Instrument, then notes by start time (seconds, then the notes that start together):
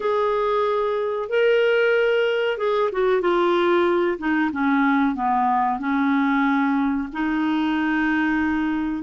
clarinet
0.00 G#4
1.29 A#4
2.57 G#4
2.91 F#4
3.21 F4
4.18 D#4
4.52 C#4
5.15 B3
5.79 C#4
7.13 D#4